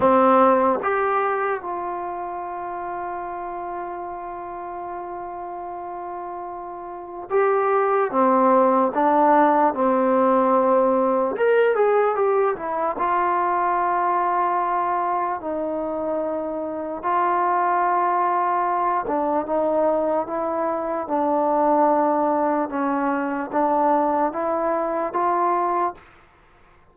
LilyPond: \new Staff \with { instrumentName = "trombone" } { \time 4/4 \tempo 4 = 74 c'4 g'4 f'2~ | f'1~ | f'4 g'4 c'4 d'4 | c'2 ais'8 gis'8 g'8 e'8 |
f'2. dis'4~ | dis'4 f'2~ f'8 d'8 | dis'4 e'4 d'2 | cis'4 d'4 e'4 f'4 | }